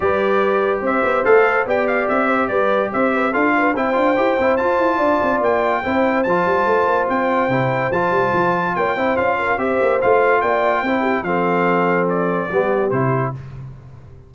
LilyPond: <<
  \new Staff \with { instrumentName = "trumpet" } { \time 4/4 \tempo 4 = 144 d''2 e''4 f''4 | g''8 f''8 e''4 d''4 e''4 | f''4 g''2 a''4~ | a''4 g''2 a''4~ |
a''4 g''2 a''4~ | a''4 g''4 f''4 e''4 | f''4 g''2 f''4~ | f''4 d''2 c''4 | }
  \new Staff \with { instrumentName = "horn" } { \time 4/4 b'2 c''2 | d''4. c''8 b'4 c''8 b'8 | a'8 b'8 c''2. | d''2 c''2~ |
c''1~ | c''4 cis''8 c''4 ais'8 c''4~ | c''4 d''4 c''8 g'8 a'4~ | a'2 g'2 | }
  \new Staff \with { instrumentName = "trombone" } { \time 4/4 g'2. a'4 | g'1 | f'4 e'8 f'8 g'8 e'8 f'4~ | f'2 e'4 f'4~ |
f'2 e'4 f'4~ | f'4. e'8 f'4 g'4 | f'2 e'4 c'4~ | c'2 b4 e'4 | }
  \new Staff \with { instrumentName = "tuba" } { \time 4/4 g2 c'8 b8 a4 | b4 c'4 g4 c'4 | d'4 c'8 d'8 e'8 c'8 f'8 e'8 | d'8 c'8 ais4 c'4 f8 g8 |
a8 ais8 c'4 c4 f8 g8 | f4 ais8 c'8 cis'4 c'8 ais8 | a4 ais4 c'4 f4~ | f2 g4 c4 | }
>>